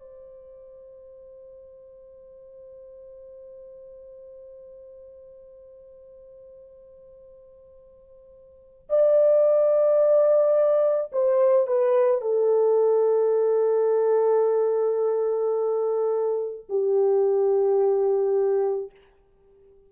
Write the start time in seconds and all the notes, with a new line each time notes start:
0.00 C5
8.90 D5
11.13 C5
11.68 B4
12.22 A4
16.69 G4